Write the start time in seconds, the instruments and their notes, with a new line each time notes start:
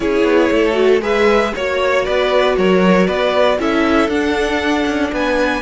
0.00 cello C#4, viola E4, violin G#4 C#5
0.23 cello B3
0.51 cello A3, violin A4
0.72 viola F#4
1.01 cello G#3, viola G#4, violin B4 E5
1.54 cello A#3, viola F#4, violin C#5
2.04 cello B3, violin B4 D5
2.57 cello F#3, violin A#4 C#5
3.06 cello B3, violin B4 D5
3.59 cello C#4, viola E4, violin A4 E5
4.07 cello D4, viola D4, violin F#5
4.86 cello C#4
5.12 cello B3, violin B4 G#5